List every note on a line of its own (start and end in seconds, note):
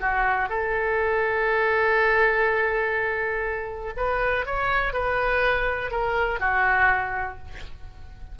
0.00 0.49 F#4
0.49 3.93 A4
3.96 4.46 B4
4.46 4.93 C#5
4.93 5.91 B4
5.91 6.40 A#4
6.40 7.38 F#4